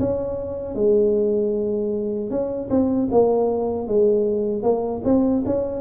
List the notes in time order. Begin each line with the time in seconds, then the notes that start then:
0.00 C#4
0.75 G#3
2.31 C#4
2.70 C4
3.11 A#3
3.88 G#3
4.63 A#3
5.05 C4
5.46 C#4